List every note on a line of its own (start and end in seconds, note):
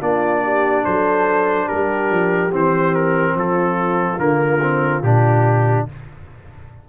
0.00 0.84 A#3
0.00 2.50 D4
0.00 0.42 F4
0.00 0.84 D5
0.43 0.85 G4
0.84 1.70 F#3
0.84 1.66 A4
0.84 1.68 C5
1.66 2.10 G3
1.66 3.33 G4
1.66 2.51 A#4
2.10 2.52 F3
2.52 3.35 E3
2.52 4.17 C4
2.52 2.94 C5
2.94 3.36 A#4
3.35 4.18 F3
3.35 5.87 F4
3.35 4.19 A4
4.17 5.02 D3
4.17 4.59 A#3
4.17 5.02 A#4
4.61 5.02 C4
5.02 5.85 A#2
5.02 5.88 D4
5.02 5.86 G4